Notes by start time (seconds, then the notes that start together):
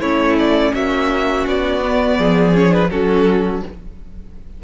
0.00 A3 C#4 E4 C#5
0.38 D5
0.73 A#3 F#4 E5
1.47 B3 D5
1.82 B3
2.18 F3 G#4
2.54 C#4 C#5
2.69 D4 B4
2.90 F#3 C#4 F#4 A4